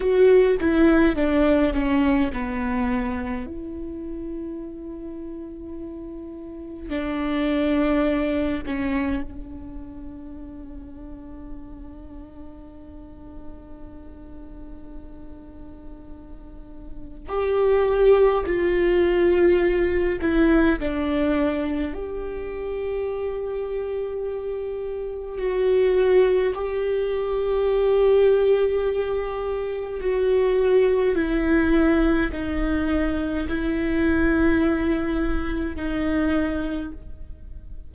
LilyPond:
\new Staff \with { instrumentName = "viola" } { \time 4/4 \tempo 4 = 52 fis'8 e'8 d'8 cis'8 b4 e'4~ | e'2 d'4. cis'8 | d'1~ | d'2. g'4 |
f'4. e'8 d'4 g'4~ | g'2 fis'4 g'4~ | g'2 fis'4 e'4 | dis'4 e'2 dis'4 | }